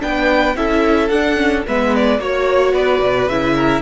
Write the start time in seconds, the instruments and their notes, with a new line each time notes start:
0.00 cello B3, viola D4, violin B4 G5
0.55 cello C#4, viola E4, violin A4 E5
1.09 cello D4, viola D4, violin F#5
1.36 viola C#4
1.66 cello G#3, viola B3, violin B4 E5
1.95 violin D5
2.19 cello A#3, viola F#4, violin C#5
2.73 cello B3, violin B4 D5
3.01 cello B2
3.27 cello C#3, viola E4, violin E5
3.55 violin A#4